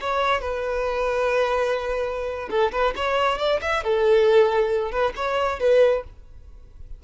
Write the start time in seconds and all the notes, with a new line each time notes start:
0.00 C#5
0.41 B4
2.50 A4
2.72 B4
2.96 C#5
3.38 D5
3.61 E5
3.83 A4
4.91 B4
5.16 C#5
5.59 B4